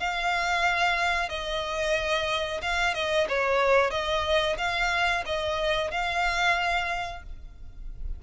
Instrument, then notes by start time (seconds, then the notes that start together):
violin
0.00 F5
1.29 D#5
2.62 F5
2.94 D#5
3.29 C#5
3.91 D#5
4.58 F5
5.26 D#5
5.91 F5